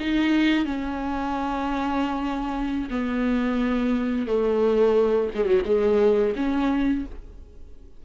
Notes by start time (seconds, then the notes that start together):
0.00 D#4
0.66 C#4
2.90 B3
4.27 A3
5.35 G#3
5.45 F#3
5.66 G#3
6.36 C#4